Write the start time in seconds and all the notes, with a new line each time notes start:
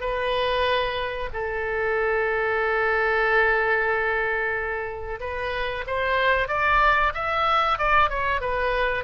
0.00 B4
1.33 A4
5.19 B4
5.87 C5
6.48 D5
7.13 E5
7.78 D5
8.09 C#5
8.40 B4